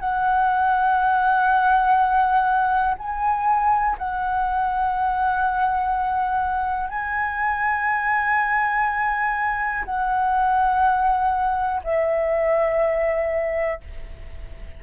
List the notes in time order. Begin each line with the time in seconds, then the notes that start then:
0.00 F#5
2.99 G#5
3.98 F#5
6.90 G#5
9.85 F#5
11.84 E5